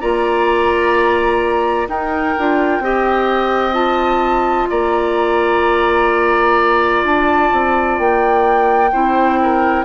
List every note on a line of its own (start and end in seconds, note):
0.00 1.88 A#3
0.00 1.88 F4
0.00 1.88 D5
0.00 1.88 A#5
1.88 2.34 D#4
1.88 2.36 D#4
1.88 2.83 A#4
1.88 3.73 G5
2.38 2.79 D4
2.38 2.82 F4
2.79 4.67 C4
2.79 3.72 G4
2.79 4.69 D#5
3.72 8.87 F4
3.72 4.67 A5
4.69 7.03 A#3
4.69 8.91 D5
4.69 7.04 A#5
7.03 7.50 D4
7.03 7.98 A5
7.52 7.98 C4
7.98 8.92 A#3
7.98 9.85 G5
8.92 9.85 C4
8.92 9.85 E4
8.92 9.39 C5
9.42 9.85 A#4